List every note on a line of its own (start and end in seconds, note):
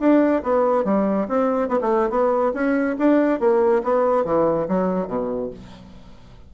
0.00 0.43 D4
0.43 0.85 B3
0.85 1.27 G3
1.28 1.69 C4
1.69 1.79 B3
1.81 2.10 A3
2.10 2.53 B3
2.54 2.97 C#4
2.99 3.40 D4
3.40 3.82 A#3
3.83 4.25 B3
4.25 4.67 E3
4.68 5.08 F#3
5.08 5.50 B2